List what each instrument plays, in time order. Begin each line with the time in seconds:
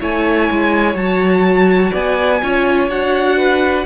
0.00 cello A3, viola E4, violin C#5 G#5
0.50 cello G#3
0.94 cello F#3, viola F#4, violin A5
1.90 cello B3, violin D5 G#5
2.42 cello C#4, viola F4, violin C#5
2.88 cello D4, viola F#4, violin F#5
3.37 violin B4